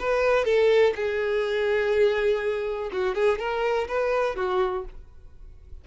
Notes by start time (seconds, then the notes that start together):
0.00 B4
0.45 A4
0.96 G#4
2.93 F#4
3.15 G#4
3.39 A#4
3.88 B4
4.36 F#4